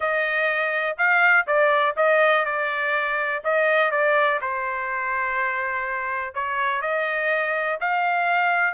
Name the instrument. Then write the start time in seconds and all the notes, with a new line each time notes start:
trumpet
0.00 D#5
0.97 F5
1.46 D5
1.96 D#5
2.45 D5
3.44 D#5
3.91 D5
4.41 C5
6.34 C#5
6.81 D#5
7.80 F5